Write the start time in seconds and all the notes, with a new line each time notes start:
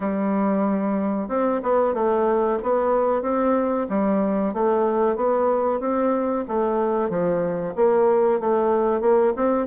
0.00 G3
1.28 C4
1.62 B3
1.94 A3
2.62 B3
3.22 C4
3.89 G3
4.53 A3
5.16 B3
5.80 C4
6.48 A3
7.09 F3
7.75 A#3
8.40 A3
9.00 A#3
9.36 C4